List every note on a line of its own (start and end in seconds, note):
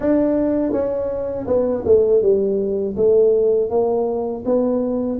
0.00 0.72 D4
0.72 1.46 C#4
1.46 1.84 B3
1.85 2.22 A3
2.22 2.96 G3
2.96 3.70 A3
3.70 4.44 A#3
4.45 5.19 B3